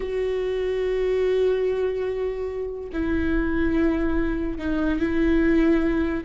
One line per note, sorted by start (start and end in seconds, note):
0.00 2.89 F#4
2.92 4.58 E4
4.58 4.99 D#4
4.99 6.24 E4